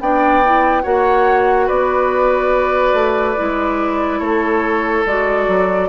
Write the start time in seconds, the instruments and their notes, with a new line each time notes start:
0.00 bassoon B3, clarinet D4, oboe D5, flute G5
0.45 clarinet E4
0.82 bassoon A#3, clarinet F#4, oboe C#5, flute F#5
1.66 bassoon B3, oboe B4, flute D5
2.93 bassoon A3
3.37 bassoon G#3, clarinet E4
4.19 bassoon A3, oboe A4, flute C#5
5.05 bassoon G#3, clarinet F#4, flute D5
5.48 bassoon F#3